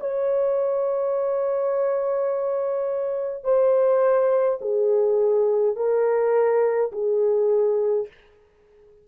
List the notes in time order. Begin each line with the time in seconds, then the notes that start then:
0.00 C#5
3.44 C5
4.61 G#4
5.76 A#4
6.92 G#4